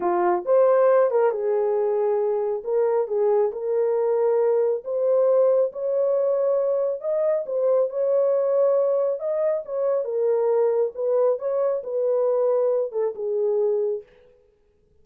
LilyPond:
\new Staff \with { instrumentName = "horn" } { \time 4/4 \tempo 4 = 137 f'4 c''4. ais'8 gis'4~ | gis'2 ais'4 gis'4 | ais'2. c''4~ | c''4 cis''2. |
dis''4 c''4 cis''2~ | cis''4 dis''4 cis''4 ais'4~ | ais'4 b'4 cis''4 b'4~ | b'4. a'8 gis'2 | }